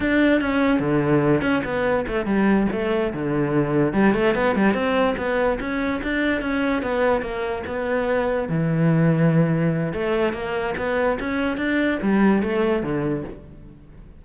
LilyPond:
\new Staff \with { instrumentName = "cello" } { \time 4/4 \tempo 4 = 145 d'4 cis'4 d4. cis'8 | b4 a8 g4 a4 d8~ | d4. g8 a8 b8 g8 c'8~ | c'8 b4 cis'4 d'4 cis'8~ |
cis'8 b4 ais4 b4.~ | b8 e2.~ e8 | a4 ais4 b4 cis'4 | d'4 g4 a4 d4 | }